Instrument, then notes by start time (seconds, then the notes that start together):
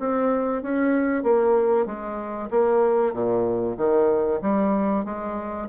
bassoon
0.00 C4
0.63 C#4
1.23 A#3
1.87 G#3
2.51 A#3
3.13 A#2
3.78 D#3
4.42 G3
5.05 G#3